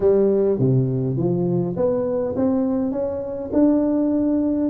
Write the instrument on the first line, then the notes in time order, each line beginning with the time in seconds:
tuba
0.00 G3
0.58 C3
1.16 F3
1.76 B3
2.35 C4
2.91 C#4
3.52 D4